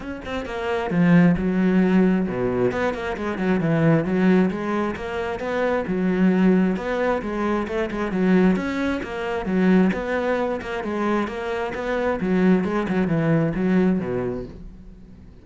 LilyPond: \new Staff \with { instrumentName = "cello" } { \time 4/4 \tempo 4 = 133 cis'8 c'8 ais4 f4 fis4~ | fis4 b,4 b8 ais8 gis8 fis8 | e4 fis4 gis4 ais4 | b4 fis2 b4 |
gis4 a8 gis8 fis4 cis'4 | ais4 fis4 b4. ais8 | gis4 ais4 b4 fis4 | gis8 fis8 e4 fis4 b,4 | }